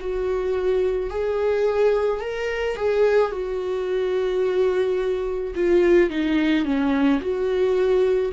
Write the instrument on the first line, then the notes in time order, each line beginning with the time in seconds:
viola
0.00 F#4
1.10 G#4
2.21 A#4
2.76 G#4
3.32 F#4
5.56 F4
6.10 D#4
6.65 C#4
7.21 F#4